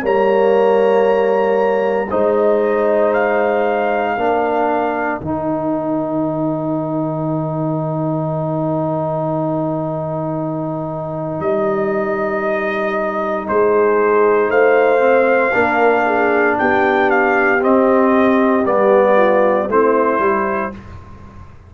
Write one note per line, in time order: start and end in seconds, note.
0.00 2.09 G3
0.00 2.07 A#3
0.00 2.09 C#5
0.00 2.11 A#5
2.09 4.17 G#3
2.09 4.17 D#4
2.09 4.14 C5
2.09 3.13 D#5
3.13 5.20 F5
4.14 5.20 A#3
4.14 5.21 D4
4.14 13.45 A#4
5.20 11.40 D#3
5.20 14.99 D#4
5.20 11.40 G5
11.40 13.47 G3
11.40 13.47 D#5
13.48 14.48 G#3
13.48 14.50 G#4
13.48 14.50 C5
14.48 15.51 A3
14.48 15.53 C5
14.48 16.57 F5
14.99 15.51 C4
15.52 16.58 A#3
15.52 17.59 D4
15.52 16.05 A#4
16.06 16.57 G#4
16.58 17.64 B3
16.58 19.16 G4
16.58 17.10 G5
17.10 17.62 F5
17.60 18.63 C4
17.60 18.66 C4
17.60 18.66 D#5
18.66 19.68 G3
18.66 19.69 B3
18.66 19.69 D5
19.16 19.68 F4
19.68 20.19 A3
19.68 20.20 C4
19.68 20.72 E4
19.68 20.74 C5
20.19 20.70 G3
20.19 20.71 E4